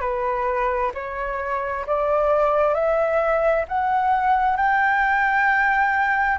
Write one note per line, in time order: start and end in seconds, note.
0.00 0.91 B4
0.94 1.85 C#5
1.86 2.74 D5
2.74 3.64 E5
3.68 4.56 F#5
4.56 6.38 G5